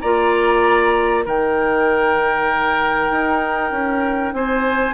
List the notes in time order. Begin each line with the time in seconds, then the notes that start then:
0.00 A#3 F4 D5 A#5
1.24 D#3 D#4 A#4 G5
3.10 D#4
3.71 C#4
4.33 C4 C5 G#5